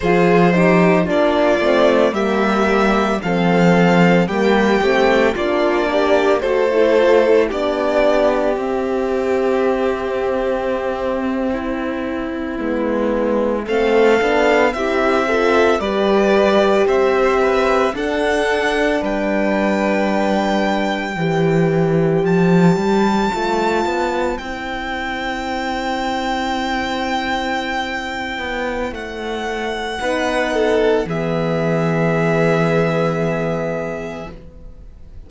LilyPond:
<<
  \new Staff \with { instrumentName = "violin" } { \time 4/4 \tempo 4 = 56 c''4 d''4 e''4 f''4 | g''4 d''4 c''4 d''4 | e''1~ | e''8. f''4 e''4 d''4 e''16~ |
e''8. fis''4 g''2~ g''16~ | g''8. a''2 g''4~ g''16~ | g''2. fis''4~ | fis''4 e''2. | }
  \new Staff \with { instrumentName = "violin" } { \time 4/4 gis'8 g'8 f'4 g'4 a'4 | g'4 f'8 g'8 a'4 g'4~ | g'2~ g'8. e'4~ e'16~ | e'8. a'4 g'8 a'8 b'4 c''16~ |
c''16 b'8 a'4 b'2 c''16~ | c''1~ | c''1 | b'8 a'8 gis'2. | }
  \new Staff \with { instrumentName = "horn" } { \time 4/4 f'8 dis'8 d'8 c'8 ais4 c'4 | ais8 c'8 d'4 fis'16 e'16 f'16 e'16 d'4 | c'2.~ c'8. b16~ | b8. c'8 d'8 e'8 f'8 g'4~ g'16~ |
g'8. d'2. g'16~ | g'4.~ g'16 f'4 e'4~ e'16~ | e'1 | dis'4 b2. | }
  \new Staff \with { instrumentName = "cello" } { \time 4/4 f4 ais8 a8 g4 f4 | g8 a8 ais4 a4 b4 | c'2.~ c'8. gis16~ | gis8. a8 b8 c'4 g4 c'16~ |
c'8. d'4 g2 e16~ | e8. f8 g8 a8 b8 c'4~ c'16~ | c'2~ c'8 b8 a4 | b4 e2. | }
>>